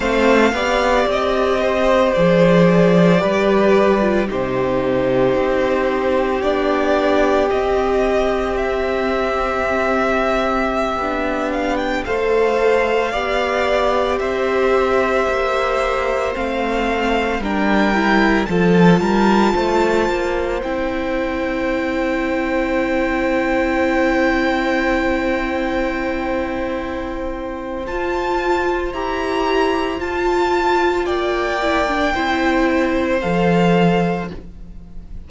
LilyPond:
<<
  \new Staff \with { instrumentName = "violin" } { \time 4/4 \tempo 4 = 56 f''4 dis''4 d''2 | c''2 d''4 dis''4 | e''2~ e''8. f''16 g''16 f''8.~ | f''4~ f''16 e''2 f''8.~ |
f''16 g''4 a''2 g''8.~ | g''1~ | g''2 a''4 ais''4 | a''4 g''2 f''4 | }
  \new Staff \with { instrumentName = "violin" } { \time 4/4 c''8 d''4 c''4. b'4 | g'1~ | g'2.~ g'16 c''8.~ | c''16 d''4 c''2~ c''8.~ |
c''16 ais'4 a'8 ais'8 c''4.~ c''16~ | c''1~ | c''1~ | c''4 d''4 c''2 | }
  \new Staff \with { instrumentName = "viola" } { \time 4/4 c'8 g'4. gis'4 g'8. f'16 | dis'2 d'4 c'4~ | c'2~ c'16 d'4 a'8.~ | a'16 g'2. c'8.~ |
c'16 d'8 e'8 f'2 e'8.~ | e'1~ | e'2 f'4 g'4 | f'4. e'16 d'16 e'4 a'4 | }
  \new Staff \with { instrumentName = "cello" } { \time 4/4 a8 b8 c'4 f4 g4 | c4 c'4 b4 c'4~ | c'2~ c'16 b4 a8.~ | a16 b4 c'4 ais4 a8.~ |
a16 g4 f8 g8 a8 ais8 c'8.~ | c'1~ | c'2 f'4 e'4 | f'4 ais4 c'4 f4 | }
>>